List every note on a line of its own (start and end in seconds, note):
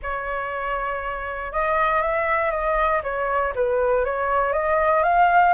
0.02 1.52 C#5
1.52 2.02 D#5
2.02 2.51 E5
2.51 3.01 D#5
3.03 3.53 C#5
3.55 4.05 B4
4.05 4.52 C#5
4.52 5.03 D#5
5.03 5.53 F5